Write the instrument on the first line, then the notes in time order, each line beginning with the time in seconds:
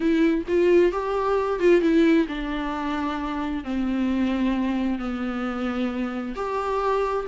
viola
0.00 E4
0.48 F4
0.92 G4
1.59 F4
1.81 E4
2.28 D4
3.64 C4
4.98 B3
6.35 G4